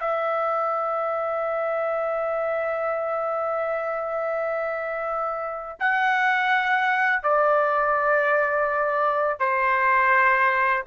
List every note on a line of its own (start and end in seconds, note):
0.00 5.78 E5
5.79 7.23 F#5
7.23 9.39 D5
9.39 10.84 C5